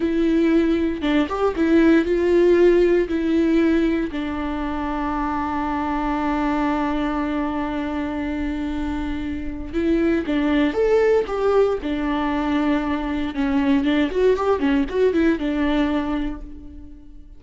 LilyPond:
\new Staff \with { instrumentName = "viola" } { \time 4/4 \tempo 4 = 117 e'2 d'8 g'8 e'4 | f'2 e'2 | d'1~ | d'1~ |
d'2. e'4 | d'4 a'4 g'4 d'4~ | d'2 cis'4 d'8 fis'8 | g'8 cis'8 fis'8 e'8 d'2 | }